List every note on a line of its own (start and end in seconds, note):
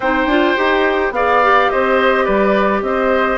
0.00 0.26 C4
0.00 0.29 D#4
0.00 1.12 C5
0.00 1.13 G5
0.26 0.54 D4
0.26 0.56 F4
0.56 1.10 D#4
0.56 1.13 G4
1.10 1.67 B3
1.10 1.42 G#4
1.10 1.71 D5
1.10 1.70 F5
1.42 3.38 G4
1.70 2.27 C4
1.70 2.24 C5
1.70 2.25 D#5
2.24 2.82 G3
2.24 2.81 B4
2.24 2.81 D5
2.82 3.38 C4
2.82 3.38 C5
2.82 3.38 D#5